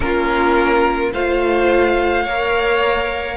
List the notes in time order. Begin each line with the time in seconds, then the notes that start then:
0.00 A#3 C#4 F4 A#4
1.12 A3 F4 C5 F5
2.23 A#3 A#4 C#5